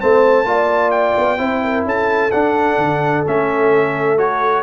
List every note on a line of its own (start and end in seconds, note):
0.00 0.44 A3
0.00 0.45 C4
0.00 0.47 C5
0.00 0.90 A5
0.44 1.14 A#3
0.44 1.37 F4
0.44 1.40 D5
0.90 1.83 G5
1.17 1.38 B3
1.37 1.84 C4
1.37 2.30 E4
1.37 1.63 C5
1.64 1.86 A#4
1.84 2.31 C#4
1.84 4.63 A4
1.84 2.31 A5
2.31 2.77 D4
2.31 3.25 D4
2.31 3.24 F#5
2.77 3.24 D3
3.25 4.63 A3
3.25 4.17 C#4
3.25 4.18 E5
4.17 4.63 F#4
4.17 4.63 C#5